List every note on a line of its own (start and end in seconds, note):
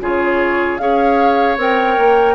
0.00 0.79 C#3
0.00 0.79 F4
0.00 0.81 G#4
0.00 0.77 C#5
0.77 1.57 C#4
0.77 1.58 G#4
0.77 2.35 C#5
0.77 1.56 F5
1.57 1.96 C4
1.57 2.35 A#4
1.57 2.35 G5
1.97 2.35 A#3